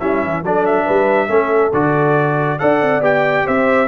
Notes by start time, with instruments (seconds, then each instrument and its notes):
0.00 tuba G3, trombone C#4, horn E4, trumpet E5
0.24 tuba E3
0.43 tuba F#3, trombone D4, horn A4, trumpet D5
0.66 trumpet E5
0.86 tuba G3, horn B4
1.29 tuba A3, trombone C#4, horn A4
1.73 tuba D3, trombone F#4, trumpet D5
2.59 tuba D4, trombone A4, horn D5, trumpet F#5
2.82 tuba C4
3.01 tuba B3, trombone G4, trumpet G5
3.46 tuba C4, horn C5, trumpet E5